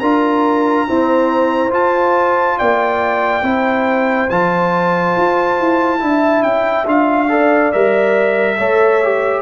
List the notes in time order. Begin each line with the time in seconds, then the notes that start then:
0.00 D4 F4 A#4 A#5
0.88 C4 E4 C5
1.71 F4 A5
2.59 A#3 D5 G5
3.43 C4 E4 C5
4.30 F3 F4 A5
5.17 F4
5.60 E4
6.00 D4 E4 E5
6.43 C#4 G5
6.86 D4 F4 F5
7.29 A4 D5
7.72 G3 A#4 E5
8.58 A3 A4 C#5
9.04 G4